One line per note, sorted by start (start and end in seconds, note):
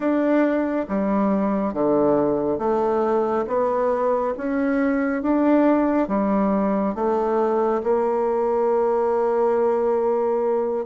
0.00 0.86 D4
0.88 1.73 G3
1.73 2.58 D3
2.58 3.45 A3
3.47 4.34 B3
4.37 5.22 C#4
5.22 6.08 D4
6.08 6.94 G3
6.94 7.81 A3
7.83 10.85 A#3